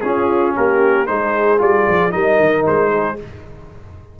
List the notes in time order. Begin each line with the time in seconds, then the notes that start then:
0.00 C#4 F4 G#4
0.56 A#3 G4 A#4
1.06 G#3 D#4 G#4 C5
1.58 G3 F4 D5
1.88 F3
2.11 G3 D#4 A#4 D#5
2.40 D#3
2.66 G#3 C5
2.91 G#4